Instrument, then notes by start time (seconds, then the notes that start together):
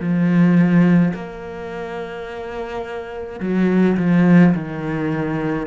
cello
0.00 F3
1.14 A#3
3.40 F#3
3.97 F3
4.54 D#3